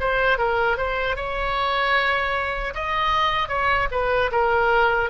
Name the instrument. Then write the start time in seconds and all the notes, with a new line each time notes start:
oboe
0.00 C5
0.38 A#4
0.77 C5
1.16 C#5
2.74 D#5
3.48 C#5
3.91 B4
4.31 A#4